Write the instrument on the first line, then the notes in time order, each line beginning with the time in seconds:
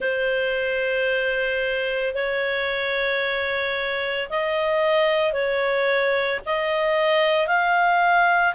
clarinet
0.00 C5
2.14 C#5
4.29 D#5
5.32 C#5
6.45 D#5
7.47 F5